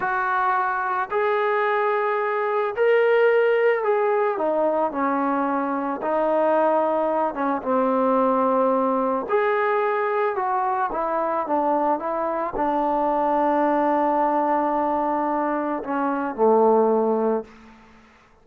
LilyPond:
\new Staff \with { instrumentName = "trombone" } { \time 4/4 \tempo 4 = 110 fis'2 gis'2~ | gis'4 ais'2 gis'4 | dis'4 cis'2 dis'4~ | dis'4. cis'8 c'2~ |
c'4 gis'2 fis'4 | e'4 d'4 e'4 d'4~ | d'1~ | d'4 cis'4 a2 | }